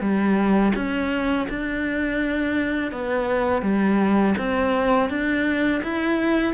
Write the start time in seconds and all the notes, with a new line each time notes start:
0.00 G3
0.75 C#4
1.49 D4
2.91 B3
3.62 G3
4.38 C4
5.09 D4
5.83 E4